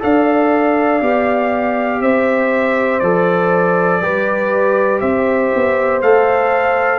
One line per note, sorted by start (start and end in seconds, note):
0.00 1.01 D4
0.00 1.00 A4
0.00 2.02 D5
0.00 2.02 F5
1.01 2.01 B3
1.01 3.01 G4
2.01 3.01 C4
2.01 4.02 C5
2.01 3.00 E5
3.00 4.01 F3
3.00 4.02 A4
3.00 5.00 D5
4.01 5.01 G3
4.01 6.02 G4
4.01 5.02 B4
5.01 5.52 C4
5.01 6.99 C5
5.01 6.01 E5
5.55 6.03 B3
6.02 6.99 A3
6.02 6.99 A4
6.02 6.99 F5